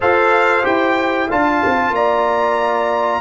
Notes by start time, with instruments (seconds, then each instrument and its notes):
0.00 tuba F4, trombone A4, horn C5, trumpet F5
0.62 tuba E4, trombone G4, trumpet G5
1.27 tuba D4, trombone F4, horn F5, trumpet A5
1.65 tuba C4
1.89 tuba A#3, horn D5, trumpet A#5